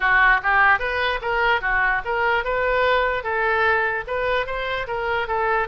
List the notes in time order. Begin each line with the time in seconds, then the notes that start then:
0.00 F#4
0.43 G4
0.79 B4
1.21 A#4
1.61 F#4
2.04 A#4
2.44 B4
3.23 A4
4.07 B4
4.46 C5
4.87 A#4
5.27 A4